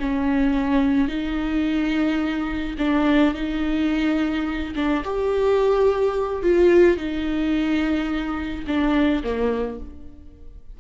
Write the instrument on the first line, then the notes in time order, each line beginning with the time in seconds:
viola
0.00 C#4
1.08 D#4
2.78 D4
3.34 D#4
4.75 D4
5.04 G4
6.42 F4
6.97 D#4
8.67 D4
9.23 A#3